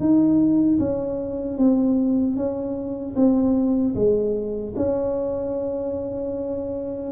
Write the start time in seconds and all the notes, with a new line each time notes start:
0.00 D#4
0.79 C#4
1.58 C4
2.36 C#4
3.16 C4
3.95 G#3
4.77 C#4